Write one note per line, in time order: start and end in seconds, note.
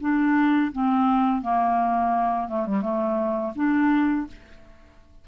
0.00 0.71 D4
0.72 1.42 C4
1.42 2.48 A#3
2.48 2.66 A3
2.66 2.81 G3
2.81 3.53 A3
3.55 4.27 D4